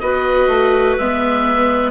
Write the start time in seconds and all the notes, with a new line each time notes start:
0.00 B3 F#4 B4 D#5
0.48 A3
0.97 G#3 B3 E5